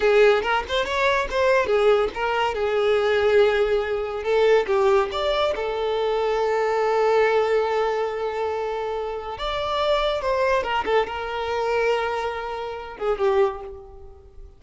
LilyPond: \new Staff \with { instrumentName = "violin" } { \time 4/4 \tempo 4 = 141 gis'4 ais'8 c''8 cis''4 c''4 | gis'4 ais'4 gis'2~ | gis'2 a'4 g'4 | d''4 a'2.~ |
a'1~ | a'2 d''2 | c''4 ais'8 a'8 ais'2~ | ais'2~ ais'8 gis'8 g'4 | }